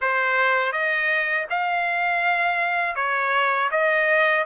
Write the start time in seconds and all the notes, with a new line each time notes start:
0.01 C5
0.72 D#5
1.49 F5
2.95 C#5
3.71 D#5